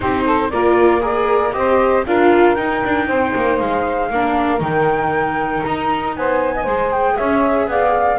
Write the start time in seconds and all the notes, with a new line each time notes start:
0.00 C4 D#4 G4 C5
0.25 A4
0.50 A#3 F4 A#4 D5
1.00 G#4 A#4 D5
1.52 C4 G4 C5 D#5
2.06 D4 F4 A#4 F5
2.55 D#4 G5
2.84 D4
3.07 C4 C5
3.35 A#3
3.58 G#3 F5
4.09 A#3 D4 A#4
4.59 D#3 D#4 G5
5.63 D#4 A#5
6.16 B3 C5 G#5
6.55 D#5
6.63 G#3 G#4 C5
6.92 G5
7.16 C#4 C#5 E5
7.67 B3 D5 F5